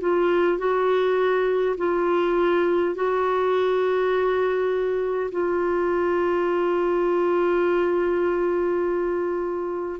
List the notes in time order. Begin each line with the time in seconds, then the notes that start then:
0.00 F4
0.58 F#4
1.77 F4
2.95 F#4
5.31 F4